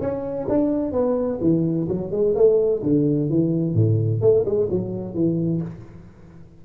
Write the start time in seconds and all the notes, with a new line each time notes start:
0.00 C#4
0.49 D4
0.92 B3
1.41 E3
1.88 F#3
2.11 G#3
2.35 A3
2.83 D3
3.29 E3
3.74 A2
4.21 A3
4.45 G#3
4.70 F#3
5.14 E3